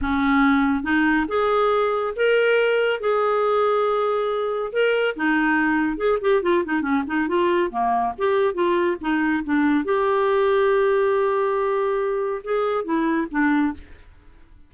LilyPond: \new Staff \with { instrumentName = "clarinet" } { \time 4/4 \tempo 4 = 140 cis'2 dis'4 gis'4~ | gis'4 ais'2 gis'4~ | gis'2. ais'4 | dis'2 gis'8 g'8 f'8 dis'8 |
cis'8 dis'8 f'4 ais4 g'4 | f'4 dis'4 d'4 g'4~ | g'1~ | g'4 gis'4 e'4 d'4 | }